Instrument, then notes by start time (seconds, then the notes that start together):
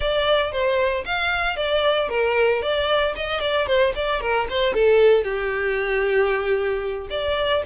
violin
0.00 D5
0.51 C5
1.05 F5
1.56 D5
2.09 A#4
2.62 D5
3.15 D#5
3.40 D5
3.67 C5
3.95 D5
4.20 A#4
4.49 C5
4.73 A4
5.23 G4
7.10 D5